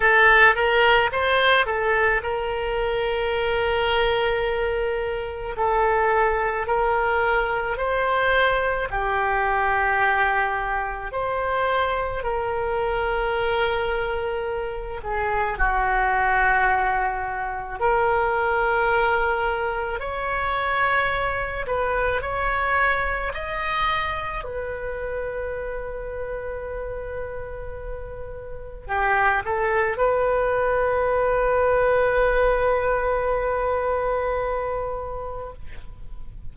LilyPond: \new Staff \with { instrumentName = "oboe" } { \time 4/4 \tempo 4 = 54 a'8 ais'8 c''8 a'8 ais'2~ | ais'4 a'4 ais'4 c''4 | g'2 c''4 ais'4~ | ais'4. gis'8 fis'2 |
ais'2 cis''4. b'8 | cis''4 dis''4 b'2~ | b'2 g'8 a'8 b'4~ | b'1 | }